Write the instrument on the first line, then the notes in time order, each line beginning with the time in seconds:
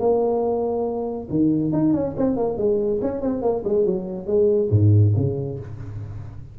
tuba
0.00 A#3
1.31 D#3
1.73 D#4
1.94 C#4
2.18 C4
2.37 A#3
2.58 G#3
3.02 C#4
3.22 C4
3.42 A#3
3.65 G#3
3.86 F#3
4.27 G#3
4.71 G#2
5.17 C#3